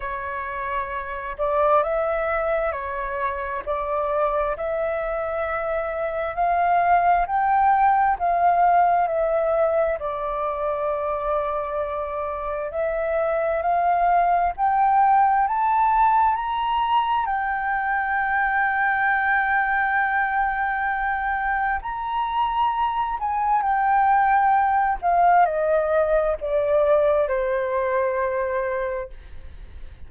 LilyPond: \new Staff \with { instrumentName = "flute" } { \time 4/4 \tempo 4 = 66 cis''4. d''8 e''4 cis''4 | d''4 e''2 f''4 | g''4 f''4 e''4 d''4~ | d''2 e''4 f''4 |
g''4 a''4 ais''4 g''4~ | g''1 | ais''4. gis''8 g''4. f''8 | dis''4 d''4 c''2 | }